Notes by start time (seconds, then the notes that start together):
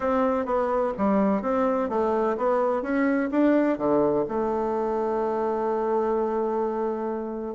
0.00 C4
0.45 B3
0.97 G3
1.42 C4
1.89 A3
2.37 B3
2.82 C#4
3.31 D4
3.78 D3
4.28 A3